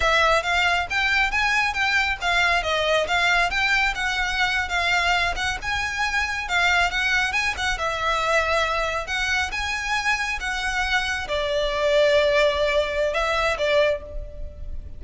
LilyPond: \new Staff \with { instrumentName = "violin" } { \time 4/4 \tempo 4 = 137 e''4 f''4 g''4 gis''4 | g''4 f''4 dis''4 f''4 | g''4 fis''4.~ fis''16 f''4~ f''16~ | f''16 fis''8 gis''2 f''4 fis''16~ |
fis''8. gis''8 fis''8 e''2~ e''16~ | e''8. fis''4 gis''2 fis''16~ | fis''4.~ fis''16 d''2~ d''16~ | d''2 e''4 d''4 | }